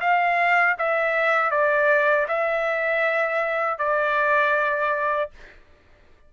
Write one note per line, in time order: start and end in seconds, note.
0.00 0.76 F5
0.78 1.51 E5
1.51 2.26 D5
2.28 3.78 E5
3.78 5.30 D5